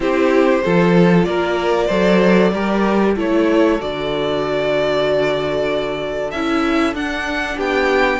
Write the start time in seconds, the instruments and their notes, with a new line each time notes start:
0.00 cello C4, viola E4, violin G4 C5
0.63 cello F3, viola F4, violin A4
1.24 cello A#3, violin A#4 D5
1.87 cello F#3, viola A4, violin C5
2.52 cello G3, viola G4, violin A#4
3.15 cello A3, viola E4, violin A4 C#5
3.79 cello D3, viola F#4, violin D5
6.31 cello C#4, viola E4, violin E5
6.93 cello D4, viola D4, violin F#5
7.56 cello B3, violin G4 G5